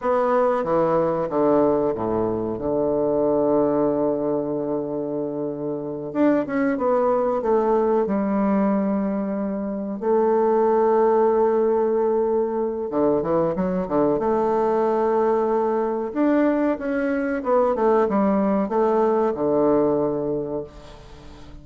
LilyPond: \new Staff \with { instrumentName = "bassoon" } { \time 4/4 \tempo 4 = 93 b4 e4 d4 a,4 | d1~ | d4. d'8 cis'8 b4 a8~ | a8 g2. a8~ |
a1 | d8 e8 fis8 d8 a2~ | a4 d'4 cis'4 b8 a8 | g4 a4 d2 | }